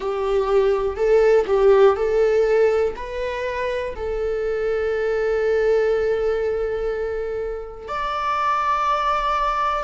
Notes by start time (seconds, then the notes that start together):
0.00 G4
0.96 A4
1.47 G4
1.95 A4
2.96 B4
3.95 A4
7.87 D5